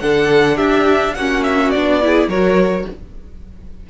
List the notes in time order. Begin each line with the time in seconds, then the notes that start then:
0.00 D3 D4 A4 F#5
0.57 D4 G4 E5
1.15 A#3 C#4 F#4 F#5
1.44 E5
1.71 B3 D4 D5
2.02 E4 G#4
2.28 F#3 F#4 A#4 C#5